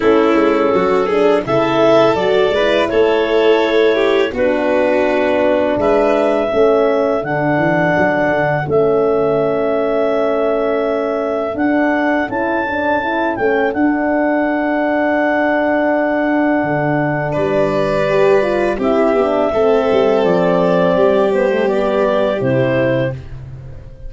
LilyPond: <<
  \new Staff \with { instrumentName = "clarinet" } { \time 4/4 \tempo 4 = 83 a'2 e''4 d''4 | cis''2 b'2 | e''2 fis''2 | e''1 |
fis''4 a''4. g''8 fis''4~ | fis''1 | d''2 e''2 | d''4. c''8 d''4 c''4 | }
  \new Staff \with { instrumentName = "violin" } { \time 4/4 e'4 fis'8 gis'8 a'4. b'8 | a'4. g'8 fis'2 | b'4 a'2.~ | a'1~ |
a'1~ | a'1 | b'2 g'4 a'4~ | a'4 g'2. | }
  \new Staff \with { instrumentName = "horn" } { \time 4/4 cis'4. d'8 e'4 fis'8 e'8~ | e'2 d'2~ | d'4 cis'4 d'2 | cis'1 |
d'4 e'8 d'8 e'8 cis'8 d'4~ | d'1~ | d'4 g'8 f'8 e'8 d'8 c'4~ | c'4. b16 a16 b4 e'4 | }
  \new Staff \with { instrumentName = "tuba" } { \time 4/4 a8 gis8 fis4 cis4 fis8 gis8 | a2 b2 | gis4 a4 d8 e8 fis8 d8 | a1 |
d'4 cis'4. a8 d'4~ | d'2. d4 | g2 c'8 b8 a8 g8 | f4 g2 c4 | }
>>